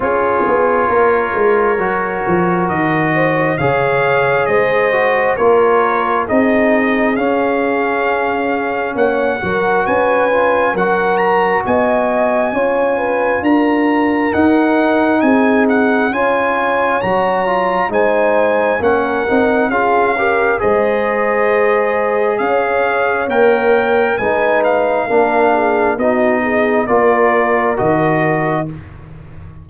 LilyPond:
<<
  \new Staff \with { instrumentName = "trumpet" } { \time 4/4 \tempo 4 = 67 cis''2. dis''4 | f''4 dis''4 cis''4 dis''4 | f''2 fis''4 gis''4 | fis''8 ais''8 gis''2 ais''4 |
fis''4 gis''8 fis''8 gis''4 ais''4 | gis''4 fis''4 f''4 dis''4~ | dis''4 f''4 g''4 gis''8 f''8~ | f''4 dis''4 d''4 dis''4 | }
  \new Staff \with { instrumentName = "horn" } { \time 4/4 gis'4 ais'2~ ais'8 c''8 | cis''4 c''4 ais'4 gis'4~ | gis'2 cis''8 ais'8 b'4 | ais'4 dis''4 cis''8 b'8 ais'4~ |
ais'4 gis'4 cis''2 | c''4 ais'4 gis'8 ais'8 c''4~ | c''4 cis''2 b'4 | ais'8 gis'8 fis'8 gis'8 ais'2 | }
  \new Staff \with { instrumentName = "trombone" } { \time 4/4 f'2 fis'2 | gis'4. fis'8 f'4 dis'4 | cis'2~ cis'8 fis'4 f'8 | fis'2 f'2 |
dis'2 f'4 fis'8 f'8 | dis'4 cis'8 dis'8 f'8 g'8 gis'4~ | gis'2 ais'4 dis'4 | d'4 dis'4 f'4 fis'4 | }
  \new Staff \with { instrumentName = "tuba" } { \time 4/4 cis'8 b8 ais8 gis8 fis8 f8 dis4 | cis4 gis4 ais4 c'4 | cis'2 ais8 fis8 cis'4 | fis4 b4 cis'4 d'4 |
dis'4 c'4 cis'4 fis4 | gis4 ais8 c'8 cis'4 gis4~ | gis4 cis'4 ais4 gis4 | ais4 b4 ais4 dis4 | }
>>